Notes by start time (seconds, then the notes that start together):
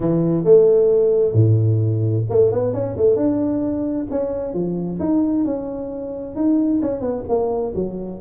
0.00 E3
0.44 A3
1.33 A2
2.29 A3
2.52 B3
2.73 C#4
2.96 A3
3.16 D4
4.10 C#4
4.53 F3
4.99 D#4
5.44 C#4
6.35 D#4
6.82 C#4
7.01 B3
7.28 A#3
7.75 F#3